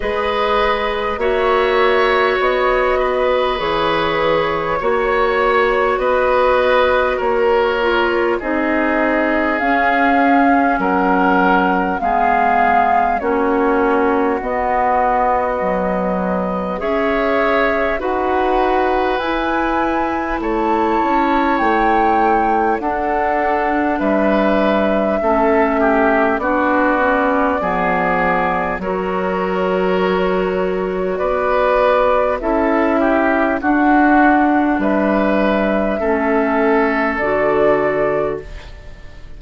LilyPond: <<
  \new Staff \with { instrumentName = "flute" } { \time 4/4 \tempo 4 = 50 dis''4 e''4 dis''4 cis''4~ | cis''4 dis''4 cis''4 dis''4 | f''4 fis''4 f''4 cis''4 | dis''2 e''4 fis''4 |
gis''4 a''4 g''4 fis''4 | e''2 d''2 | cis''2 d''4 e''4 | fis''4 e''2 d''4 | }
  \new Staff \with { instrumentName = "oboe" } { \time 4/4 b'4 cis''4. b'4. | cis''4 b'4 ais'4 gis'4~ | gis'4 ais'4 gis'4 fis'4~ | fis'2 cis''4 b'4~ |
b'4 cis''2 a'4 | b'4 a'8 g'8 fis'4 gis'4 | ais'2 b'4 a'8 g'8 | fis'4 b'4 a'2 | }
  \new Staff \with { instrumentName = "clarinet" } { \time 4/4 gis'4 fis'2 gis'4 | fis'2~ fis'8 f'8 dis'4 | cis'2 b4 cis'4 | b4 fis4 gis'4 fis'4 |
e'2. d'4~ | d'4 cis'4 d'8 cis'8 b4 | fis'2. e'4 | d'2 cis'4 fis'4 | }
  \new Staff \with { instrumentName = "bassoon" } { \time 4/4 gis4 ais4 b4 e4 | ais4 b4 ais4 c'4 | cis'4 fis4 gis4 ais4 | b2 cis'4 dis'4 |
e'4 a8 cis'8 a4 d'4 | g4 a4 b4 f4 | fis2 b4 cis'4 | d'4 g4 a4 d4 | }
>>